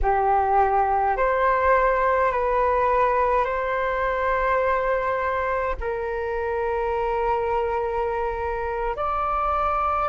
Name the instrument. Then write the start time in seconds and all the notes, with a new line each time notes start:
flute
0.02 G4
1.16 C5
2.31 B4
3.45 C5
5.80 A#4
8.96 D5